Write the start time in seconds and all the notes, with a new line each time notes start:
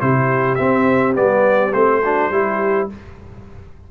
0.00 C3 E4 G4 C5
0.55 C4 E5
1.15 G3 B3 D5
1.73 A3 C4 C5
2.02 D4 F#4
2.30 G3 E4 G4